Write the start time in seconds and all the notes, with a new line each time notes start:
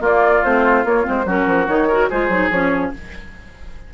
0.00 A#3 F4 D5
0.43 A3 C4 C5
0.84 A#3 C#5
1.03 G#3 C4 C5
1.25 F#3 C#4 F#4 A#4
1.46 F3
1.67 D#3 D#4 C#5
1.88 F#4 A#4
2.09 G#3 F4 G#4 C5
2.29 F#3 D#4
2.50 F3 C#4 C#5